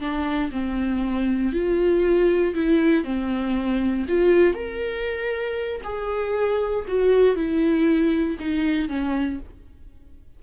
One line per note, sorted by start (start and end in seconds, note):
0.00 0.51 D4
0.51 1.52 C4
1.52 2.54 F4
2.54 3.04 E4
3.04 4.06 C4
4.08 4.54 F4
4.54 5.81 A#4
5.83 6.85 G#4
6.88 7.35 F#4
7.35 8.37 E4
8.39 8.88 D#4
8.88 9.39 C#4